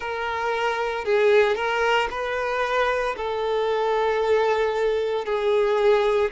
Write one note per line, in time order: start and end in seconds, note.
0.00 1.04 A#4
1.04 1.55 G#4
1.55 2.08 A#4
2.10 3.15 B4
3.16 5.25 A4
5.25 6.30 G#4